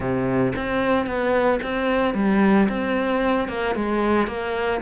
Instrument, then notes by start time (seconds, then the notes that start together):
cello
0.00 C3
0.56 C4
1.06 B3
1.62 C4
2.14 G3
2.68 C4
3.48 A#3
3.75 G#3
4.27 A#3